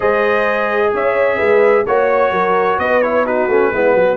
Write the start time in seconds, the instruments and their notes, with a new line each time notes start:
0.00 tuba G#3, trombone G#4, horn C5, trumpet D#5
0.93 tuba C#4, horn C#5, trumpet E5
1.37 tuba G#3, horn B4
1.86 tuba A#3, trombone F#4, trumpet C#5, horn C#5
2.31 tuba F#3, horn A#4
2.78 tuba B3, horn B4, trumpet D#5
3.02 trombone E4, trumpet C#5
3.25 trombone D#4, horn F#4, trumpet B4
3.48 tuba A3, trombone C#4
3.71 tuba G#3, trombone B3, horn E4
3.93 tuba F#3, horn F#4